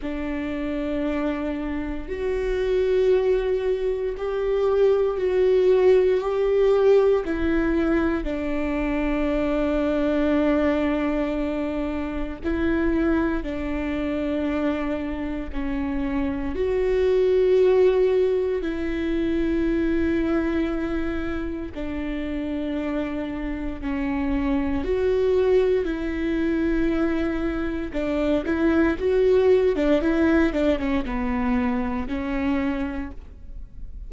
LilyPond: \new Staff \with { instrumentName = "viola" } { \time 4/4 \tempo 4 = 58 d'2 fis'2 | g'4 fis'4 g'4 e'4 | d'1 | e'4 d'2 cis'4 |
fis'2 e'2~ | e'4 d'2 cis'4 | fis'4 e'2 d'8 e'8 | fis'8. d'16 e'8 d'16 cis'16 b4 cis'4 | }